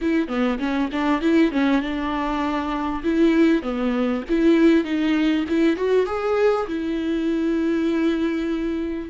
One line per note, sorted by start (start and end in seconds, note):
0.01 0.28 E4
0.28 0.58 B3
0.59 0.89 C#4
0.91 1.21 D4
1.21 1.51 E4
1.51 1.81 C#4
1.81 3.02 D4
3.03 3.62 E4
3.62 4.23 B3
4.29 4.84 E4
4.84 5.45 D#4
5.48 5.76 E4
5.76 6.06 F#4
6.06 6.66 G#4
6.67 9.09 E4